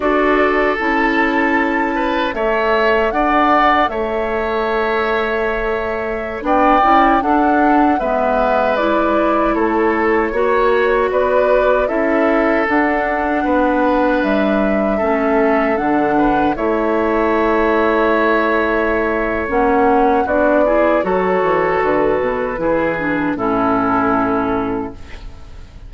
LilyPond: <<
  \new Staff \with { instrumentName = "flute" } { \time 4/4 \tempo 4 = 77 d''4 a''2 e''4 | fis''4 e''2.~ | e''16 g''4 fis''4 e''4 d''8.~ | d''16 cis''2 d''4 e''8.~ |
e''16 fis''2 e''4.~ e''16~ | e''16 fis''4 e''2~ e''8.~ | e''4 fis''4 d''4 cis''4 | b'2 a'2 | }
  \new Staff \with { instrumentName = "oboe" } { \time 4/4 a'2~ a'8 b'8 cis''4 | d''4 cis''2.~ | cis''16 d''4 a'4 b'4.~ b'16~ | b'16 a'4 cis''4 b'4 a'8.~ |
a'4~ a'16 b'2 a'8.~ | a'8. b'8 cis''2~ cis''8.~ | cis''2 fis'8 gis'8 a'4~ | a'4 gis'4 e'2 | }
  \new Staff \with { instrumentName = "clarinet" } { \time 4/4 fis'4 e'2 a'4~ | a'1~ | a'16 d'8 e'8 d'4 b4 e'8.~ | e'4~ e'16 fis'2 e'8.~ |
e'16 d'2. cis'8.~ | cis'16 d'4 e'2~ e'8.~ | e'4 cis'4 d'8 e'8 fis'4~ | fis'4 e'8 d'8 cis'2 | }
  \new Staff \with { instrumentName = "bassoon" } { \time 4/4 d'4 cis'2 a4 | d'4 a2.~ | a16 b8 cis'8 d'4 gis4.~ gis16~ | gis16 a4 ais4 b4 cis'8.~ |
cis'16 d'4 b4 g4 a8.~ | a16 d4 a2~ a8.~ | a4 ais4 b4 fis8 e8 | d8 b,8 e4 a,2 | }
>>